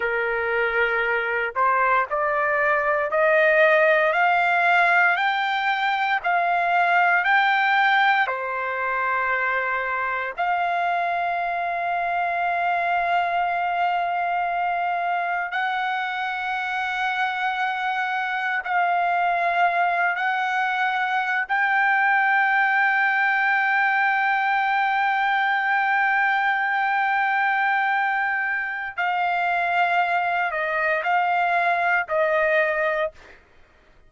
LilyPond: \new Staff \with { instrumentName = "trumpet" } { \time 4/4 \tempo 4 = 58 ais'4. c''8 d''4 dis''4 | f''4 g''4 f''4 g''4 | c''2 f''2~ | f''2. fis''4~ |
fis''2 f''4. fis''8~ | fis''8. g''2.~ g''16~ | g''1 | f''4. dis''8 f''4 dis''4 | }